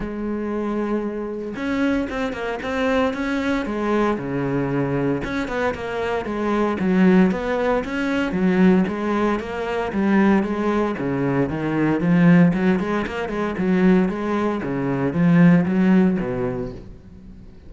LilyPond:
\new Staff \with { instrumentName = "cello" } { \time 4/4 \tempo 4 = 115 gis2. cis'4 | c'8 ais8 c'4 cis'4 gis4 | cis2 cis'8 b8 ais4 | gis4 fis4 b4 cis'4 |
fis4 gis4 ais4 g4 | gis4 cis4 dis4 f4 | fis8 gis8 ais8 gis8 fis4 gis4 | cis4 f4 fis4 b,4 | }